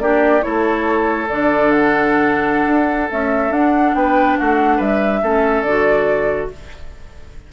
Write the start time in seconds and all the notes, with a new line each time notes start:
0.00 A#3 D4 G4 D5
0.41 A3 E4 A4 C#5
1.29 D3 D4 D5
1.71 F#5
2.67 D4
3.10 A3 C#4 E5
3.50 D4 F#5
3.94 B3 B4 G5
4.38 A3 F#4 F#5
4.77 G3 B4 E5
5.22 A3 C#4 A4
5.63 D3 F#4 D5